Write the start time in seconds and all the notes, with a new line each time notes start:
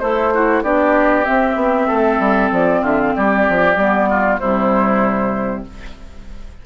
0.00 A3 E4 A4 C5
0.34 E4 F#4
0.63 B3 D4 G4 D5
1.24 C4 E5
1.55 B3
1.88 A3 A4
2.20 G3
2.52 F3 D5
2.82 D3 F4 E5
3.01 F5
3.15 G3 G4 D5
3.49 F3
3.76 G3 B3
4.10 F4
4.39 C3 G3 E4 C5